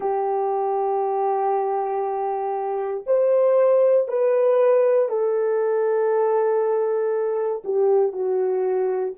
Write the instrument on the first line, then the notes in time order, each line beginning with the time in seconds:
horn
0.00 G4
3.06 C5
4.07 B4
5.08 A4
7.64 G4
8.12 F#4